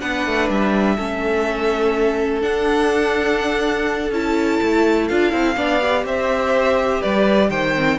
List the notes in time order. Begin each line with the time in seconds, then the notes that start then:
0.00 B3 D4 B4 F#5
0.26 A3
0.49 G3 E5
0.96 A3 C#4 A4
2.41 D4 F#5
4.10 C#4 E4 A5
4.62 A3
5.07 D4 F4 F5
5.30 C4 E4
5.56 B3 D4 D5
5.80 G4
6.04 C4 C5 E5
7.01 G3 B4 D5
7.49 D#3 C5 G5
7.76 C4